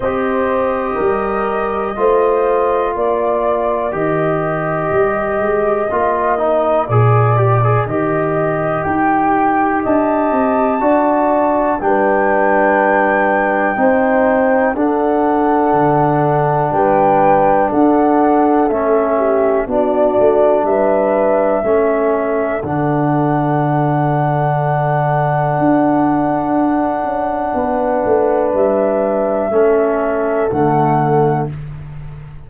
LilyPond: <<
  \new Staff \with { instrumentName = "flute" } { \time 4/4 \tempo 4 = 61 dis''2. d''4 | dis''2. d''4 | dis''4 g''4 a''2 | g''2. fis''4~ |
fis''4 g''4 fis''4 e''4 | d''4 e''2 fis''4~ | fis''1~ | fis''4 e''2 fis''4 | }
  \new Staff \with { instrumentName = "horn" } { \time 4/4 c''4 ais'4 c''4 ais'4~ | ais'1~ | ais'2 dis''4 d''4 | b'2 c''4 a'4~ |
a'4 b'4 a'4. g'8 | fis'4 b'4 a'2~ | a'1 | b'2 a'2 | }
  \new Staff \with { instrumentName = "trombone" } { \time 4/4 g'2 f'2 | g'2 f'8 dis'8 gis'8 g'16 gis'16 | g'2. fis'4 | d'2 dis'4 d'4~ |
d'2. cis'4 | d'2 cis'4 d'4~ | d'1~ | d'2 cis'4 a4 | }
  \new Staff \with { instrumentName = "tuba" } { \time 4/4 c'4 g4 a4 ais4 | dis4 g8 gis8 ais4 ais,4 | dis4 dis'4 d'8 c'8 d'4 | g2 c'4 d'4 |
d4 g4 d'4 a4 | b8 a8 g4 a4 d4~ | d2 d'4. cis'8 | b8 a8 g4 a4 d4 | }
>>